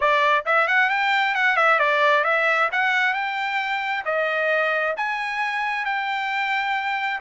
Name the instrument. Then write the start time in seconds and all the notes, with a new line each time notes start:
trumpet
0.00 D5
0.45 E5
0.67 F#5
0.89 G5
1.34 F#5
1.56 E5
1.79 D5
2.24 E5
2.71 F#5
3.13 G5
4.05 D#5
4.96 G#5
5.85 G5